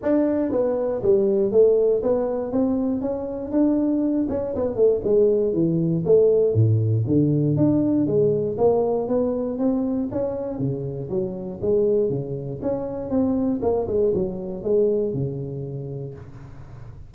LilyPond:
\new Staff \with { instrumentName = "tuba" } { \time 4/4 \tempo 4 = 119 d'4 b4 g4 a4 | b4 c'4 cis'4 d'4~ | d'8 cis'8 b8 a8 gis4 e4 | a4 a,4 d4 d'4 |
gis4 ais4 b4 c'4 | cis'4 cis4 fis4 gis4 | cis4 cis'4 c'4 ais8 gis8 | fis4 gis4 cis2 | }